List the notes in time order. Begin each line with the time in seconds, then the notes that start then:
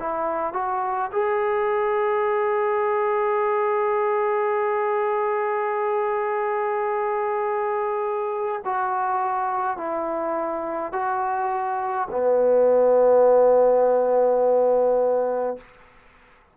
0.00 E4
0.53 F#4
1.12 G#4
8.65 F#4
9.78 E4
10.93 F#4
12.12 B3